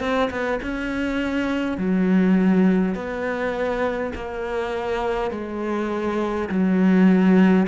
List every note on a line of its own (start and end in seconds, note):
0.00 0.29 C4
0.30 0.59 B3
0.62 1.78 C#4
1.78 2.95 F#3
2.95 4.12 B3
4.15 5.31 A#3
5.31 6.49 G#3
6.49 7.66 F#3